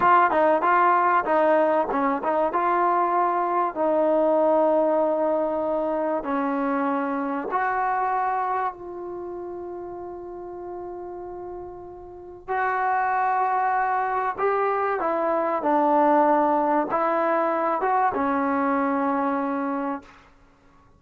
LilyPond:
\new Staff \with { instrumentName = "trombone" } { \time 4/4 \tempo 4 = 96 f'8 dis'8 f'4 dis'4 cis'8 dis'8 | f'2 dis'2~ | dis'2 cis'2 | fis'2 f'2~ |
f'1 | fis'2. g'4 | e'4 d'2 e'4~ | e'8 fis'8 cis'2. | }